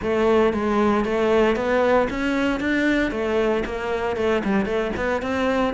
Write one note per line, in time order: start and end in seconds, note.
0.01 0.53 A3
0.53 1.04 G#3
1.04 1.55 A3
1.55 2.08 B3
2.10 2.60 C#4
2.60 3.11 D4
3.11 3.63 A3
3.65 4.16 A#3
4.16 4.42 A3
4.44 4.65 G3
4.65 4.91 A3
4.96 5.22 B3
5.22 5.73 C4